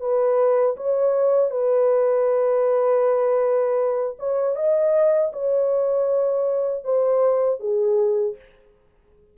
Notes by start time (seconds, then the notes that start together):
0.00 B4
0.76 C#5
1.50 B4
4.18 C#5
4.55 D#5
5.32 C#5
6.84 C5
7.59 G#4